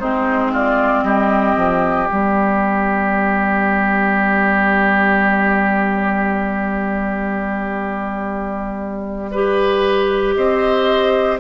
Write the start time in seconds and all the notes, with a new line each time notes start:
0.00 G#3 C4 D#4 C5
0.53 F4 D5
1.03 G3 G4 D#5
1.57 F3
2.07 G3 B3 D5
9.31 G4 B4
10.35 C4 C5 D#5